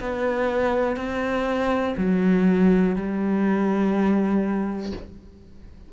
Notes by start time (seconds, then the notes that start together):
0.00 B3
0.96 C4
1.97 F#3
2.96 G3